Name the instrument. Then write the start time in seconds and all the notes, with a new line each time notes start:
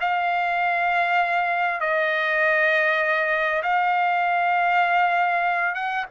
trumpet
0.00 F5
1.80 D#5
3.63 F5
5.75 F#5